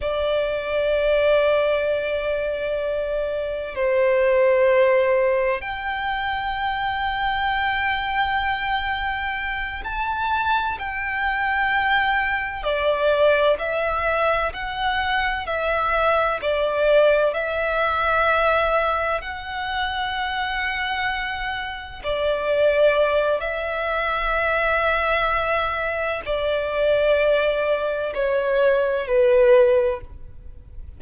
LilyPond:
\new Staff \with { instrumentName = "violin" } { \time 4/4 \tempo 4 = 64 d''1 | c''2 g''2~ | g''2~ g''8 a''4 g''8~ | g''4. d''4 e''4 fis''8~ |
fis''8 e''4 d''4 e''4.~ | e''8 fis''2. d''8~ | d''4 e''2. | d''2 cis''4 b'4 | }